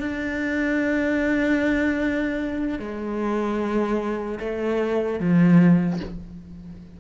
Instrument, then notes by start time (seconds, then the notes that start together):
cello
0.00 D4
2.79 G#3
4.40 A3
5.20 F3